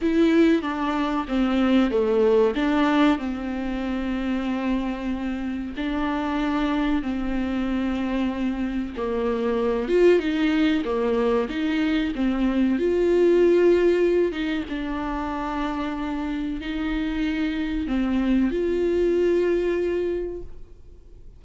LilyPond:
\new Staff \with { instrumentName = "viola" } { \time 4/4 \tempo 4 = 94 e'4 d'4 c'4 a4 | d'4 c'2.~ | c'4 d'2 c'4~ | c'2 ais4. f'8 |
dis'4 ais4 dis'4 c'4 | f'2~ f'8 dis'8 d'4~ | d'2 dis'2 | c'4 f'2. | }